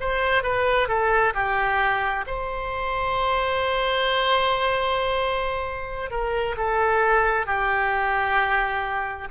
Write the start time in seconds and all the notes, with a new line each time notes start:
0.00 C5
0.43 B4
0.88 A4
1.34 G4
2.27 C5
6.10 A#4
6.57 A4
7.46 G4